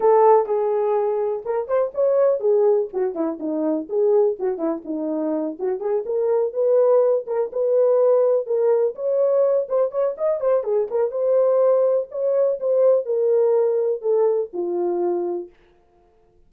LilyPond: \new Staff \with { instrumentName = "horn" } { \time 4/4 \tempo 4 = 124 a'4 gis'2 ais'8 c''8 | cis''4 gis'4 fis'8 e'8 dis'4 | gis'4 fis'8 e'8 dis'4. fis'8 | gis'8 ais'4 b'4. ais'8 b'8~ |
b'4. ais'4 cis''4. | c''8 cis''8 dis''8 c''8 gis'8 ais'8 c''4~ | c''4 cis''4 c''4 ais'4~ | ais'4 a'4 f'2 | }